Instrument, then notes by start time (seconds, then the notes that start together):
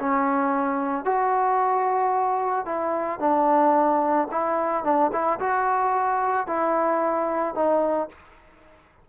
trombone
0.00 C#4
1.05 F#4
2.66 E4
3.20 D4
4.31 E4
4.84 D4
5.13 E4
5.40 F#4
6.47 E4
7.55 D#4